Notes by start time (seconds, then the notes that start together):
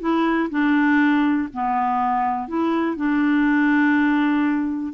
0.00 E4
0.50 D4
1.54 B3
2.48 E4
2.96 D4